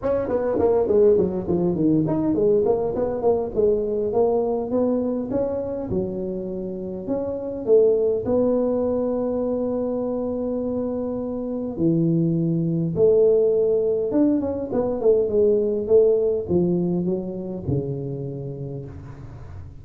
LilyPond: \new Staff \with { instrumentName = "tuba" } { \time 4/4 \tempo 4 = 102 cis'8 b8 ais8 gis8 fis8 f8 dis8 dis'8 | gis8 ais8 b8 ais8 gis4 ais4 | b4 cis'4 fis2 | cis'4 a4 b2~ |
b1 | e2 a2 | d'8 cis'8 b8 a8 gis4 a4 | f4 fis4 cis2 | }